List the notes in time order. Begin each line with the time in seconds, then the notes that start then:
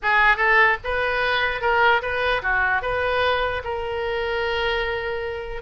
0.02 G#4
0.37 A4
0.83 B4
1.61 A#4
2.01 B4
2.42 F#4
2.82 B4
3.64 A#4